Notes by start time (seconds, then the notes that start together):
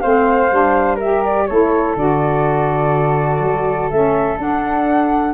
0.00 A3 C4 C5 F5
0.51 G3 D4
0.96 G4 A#4 E5
1.24 D5
1.47 A3 E4 A4 C#5
1.96 D3 F#4 D5
3.40 F#3
3.90 A3 C#4 E5
4.37 D4 F#5